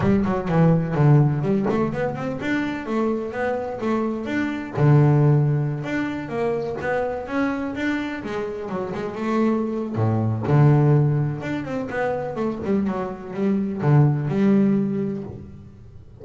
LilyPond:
\new Staff \with { instrumentName = "double bass" } { \time 4/4 \tempo 4 = 126 g8 fis8 e4 d4 g8 a8 | b8 c'8 d'4 a4 b4 | a4 d'4 d2~ | d16 d'4 ais4 b4 cis'8.~ |
cis'16 d'4 gis4 fis8 gis8 a8.~ | a4 a,4 d2 | d'8 c'8 b4 a8 g8 fis4 | g4 d4 g2 | }